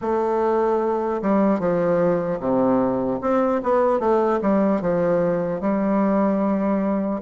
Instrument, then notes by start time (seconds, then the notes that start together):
bassoon
0.01 A3
1.21 G3
1.59 F3
2.40 C3
3.21 C4
3.63 B3
3.99 A3
4.41 G3
4.81 F3
5.60 G3